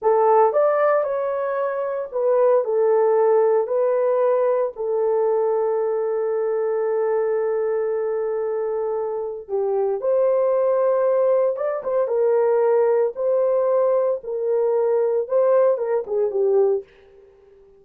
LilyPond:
\new Staff \with { instrumentName = "horn" } { \time 4/4 \tempo 4 = 114 a'4 d''4 cis''2 | b'4 a'2 b'4~ | b'4 a'2.~ | a'1~ |
a'2 g'4 c''4~ | c''2 d''8 c''8 ais'4~ | ais'4 c''2 ais'4~ | ais'4 c''4 ais'8 gis'8 g'4 | }